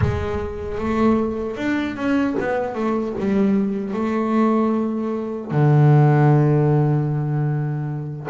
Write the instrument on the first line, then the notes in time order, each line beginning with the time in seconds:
double bass
0.01 G#3
0.78 A3
1.56 D4
1.96 C#4
2.39 B3
2.74 A3
3.18 G3
3.93 A3
5.50 D3